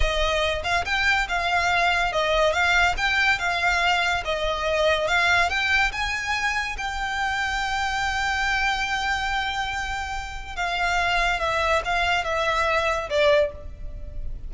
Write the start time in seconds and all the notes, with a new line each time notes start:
0.00 D#5
0.63 F5
0.85 G5
1.28 F5
2.12 D#5
2.52 F5
2.97 G5
3.39 F5
4.24 D#5
5.07 F5
5.49 G5
5.92 G#5
6.77 G5
10.56 F5
11.40 E5
11.84 F5
12.24 E5
13.09 D5